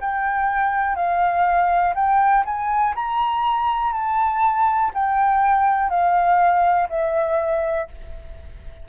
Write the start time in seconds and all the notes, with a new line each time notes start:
0.00 G5
0.95 F5
1.94 G5
2.45 G#5
2.95 A#5
3.93 A5
4.94 G5
5.89 F5
6.89 E5